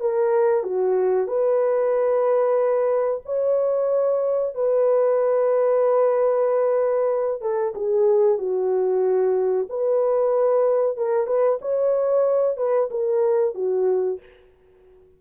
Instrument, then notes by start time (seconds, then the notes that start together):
horn
0.00 A#4
0.64 F#4
1.27 B4
3.26 C#5
4.55 B4
7.42 A4
7.75 G#4
8.38 F#4
9.69 B4
10.97 A#4
11.27 B4
11.62 C#5
12.57 B4
12.91 A#4
13.55 F#4